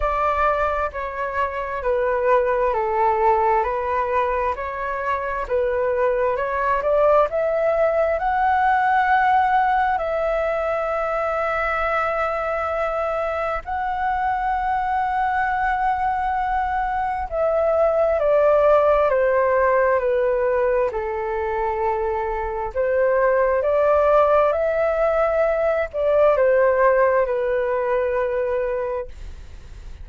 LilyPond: \new Staff \with { instrumentName = "flute" } { \time 4/4 \tempo 4 = 66 d''4 cis''4 b'4 a'4 | b'4 cis''4 b'4 cis''8 d''8 | e''4 fis''2 e''4~ | e''2. fis''4~ |
fis''2. e''4 | d''4 c''4 b'4 a'4~ | a'4 c''4 d''4 e''4~ | e''8 d''8 c''4 b'2 | }